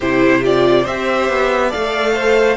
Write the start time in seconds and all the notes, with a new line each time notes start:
0.00 C3 E4 G4 C5
0.42 F4 D5
0.81 C4 G4 C5 E5
1.29 B3
1.69 A4 D5 F5
1.75 A3
2.14 C5